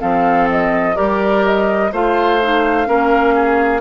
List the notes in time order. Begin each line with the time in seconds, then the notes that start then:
0.00 F3 C4 A4 F5
0.51 D#5
0.95 G3 G4 A#4 D5
1.45 D#5
1.93 A3 F4 C5 F5
2.42 D#4
2.86 A#3 C#4 A#4
3.35 G#4